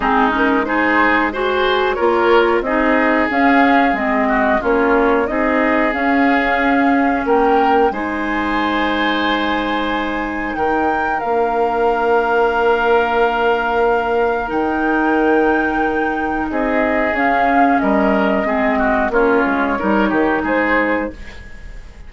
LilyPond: <<
  \new Staff \with { instrumentName = "flute" } { \time 4/4 \tempo 4 = 91 gis'8 ais'8 c''4 gis'4 cis''4 | dis''4 f''4 dis''4 cis''4 | dis''4 f''2 g''4 | gis''1 |
g''4 f''2.~ | f''2 g''2~ | g''4 dis''4 f''4 dis''4~ | dis''4 cis''2 c''4 | }
  \new Staff \with { instrumentName = "oboe" } { \time 4/4 dis'4 gis'4 c''4 ais'4 | gis'2~ gis'8 fis'8 f'4 | gis'2. ais'4 | c''1 |
ais'1~ | ais'1~ | ais'4 gis'2 ais'4 | gis'8 fis'8 f'4 ais'8 g'8 gis'4 | }
  \new Staff \with { instrumentName = "clarinet" } { \time 4/4 c'8 cis'8 dis'4 fis'4 f'4 | dis'4 cis'4 c'4 cis'4 | dis'4 cis'2. | dis'1~ |
dis'4 d'2.~ | d'2 dis'2~ | dis'2 cis'2 | c'4 cis'4 dis'2 | }
  \new Staff \with { instrumentName = "bassoon" } { \time 4/4 gis2. ais4 | c'4 cis'4 gis4 ais4 | c'4 cis'2 ais4 | gis1 |
dis4 ais2.~ | ais2 dis2~ | dis4 c'4 cis'4 g4 | gis4 ais8 gis8 g8 dis8 gis4 | }
>>